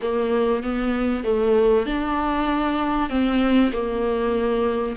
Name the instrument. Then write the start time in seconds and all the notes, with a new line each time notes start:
viola
0.02 A#3
0.63 B3
1.24 A3
1.86 D4
3.09 C4
3.72 A#3